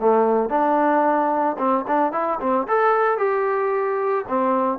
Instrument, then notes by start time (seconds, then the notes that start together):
trombone
0.00 A3
0.49 D4
1.58 C4
1.87 D4
2.12 E4
2.40 C4
2.68 A4
3.18 G4
4.28 C4